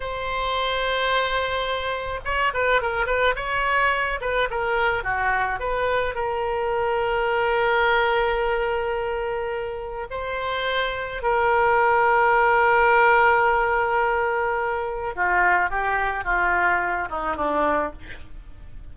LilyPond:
\new Staff \with { instrumentName = "oboe" } { \time 4/4 \tempo 4 = 107 c''1 | cis''8 b'8 ais'8 b'8 cis''4. b'8 | ais'4 fis'4 b'4 ais'4~ | ais'1~ |
ais'2 c''2 | ais'1~ | ais'2. f'4 | g'4 f'4. dis'8 d'4 | }